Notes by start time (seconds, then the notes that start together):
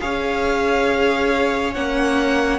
0.00 C#4 G#4 C#5 F5
1.74 A#3 C#4 F#5